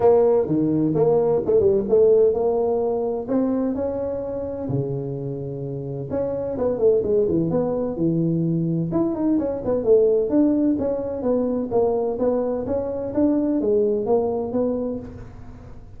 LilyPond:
\new Staff \with { instrumentName = "tuba" } { \time 4/4 \tempo 4 = 128 ais4 dis4 ais4 a8 g8 | a4 ais2 c'4 | cis'2 cis2~ | cis4 cis'4 b8 a8 gis8 e8 |
b4 e2 e'8 dis'8 | cis'8 b8 a4 d'4 cis'4 | b4 ais4 b4 cis'4 | d'4 gis4 ais4 b4 | }